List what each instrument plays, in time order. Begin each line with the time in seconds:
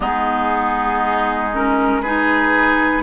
0.00 bassoon G#3, clarinet B3, oboe D#4, flute G#4
1.52 clarinet C#4, flute A#4
2.01 clarinet D#4, oboe G#4, flute B4